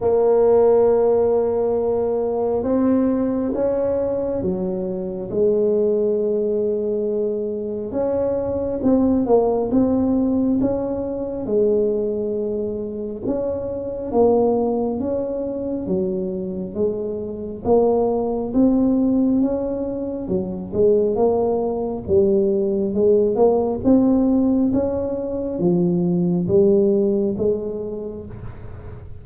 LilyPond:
\new Staff \with { instrumentName = "tuba" } { \time 4/4 \tempo 4 = 68 ais2. c'4 | cis'4 fis4 gis2~ | gis4 cis'4 c'8 ais8 c'4 | cis'4 gis2 cis'4 |
ais4 cis'4 fis4 gis4 | ais4 c'4 cis'4 fis8 gis8 | ais4 g4 gis8 ais8 c'4 | cis'4 f4 g4 gis4 | }